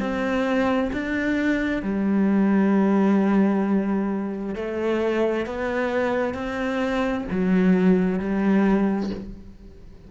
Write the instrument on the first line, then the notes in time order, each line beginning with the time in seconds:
cello
0.00 C4
0.93 D4
1.83 G3
4.56 A3
5.46 B3
6.34 C4
7.31 F#3
8.19 G3